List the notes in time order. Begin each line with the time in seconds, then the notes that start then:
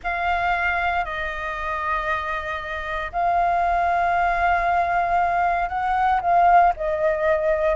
0.03 F5
1.04 D#5
3.12 F5
5.68 F#5
6.21 F5
6.76 D#5